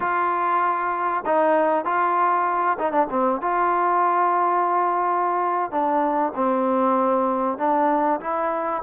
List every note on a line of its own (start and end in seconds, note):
0.00 1.23 F4
1.25 1.84 D#4
1.84 2.77 F4
2.78 2.92 D#4
2.92 3.07 D4
3.10 3.41 C4
3.41 5.71 F4
5.71 6.33 D4
6.35 7.58 C4
7.58 8.20 D4
8.20 8.82 E4